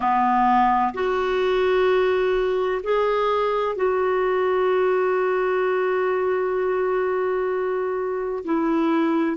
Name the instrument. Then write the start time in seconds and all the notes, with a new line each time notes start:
clarinet
0.00 B3
0.94 F#4
2.83 G#4
3.75 F#4
8.44 E4